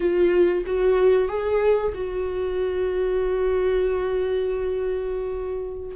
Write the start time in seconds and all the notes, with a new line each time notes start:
0.00 F4
0.66 F#4
1.28 G#4
1.94 F#4